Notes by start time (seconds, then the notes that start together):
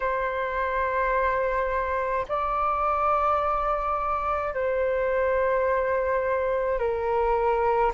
0.00 C5
2.28 D5
4.53 C5
6.78 A#4